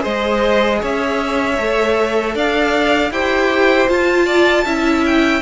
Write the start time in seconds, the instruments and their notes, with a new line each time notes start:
0.00 cello G#3, viola G#4, violin C5 D#5
0.81 cello C#4, violin C#5 E5
1.58 cello A3, viola A4
2.35 cello D4, violin D5 F5
3.11 cello E4, viola G4, violin C5 G5
3.88 viola F4, cello F4, violin A5
4.26 violin D5
4.65 cello C#4, viola E4, violin E5
5.06 violin G5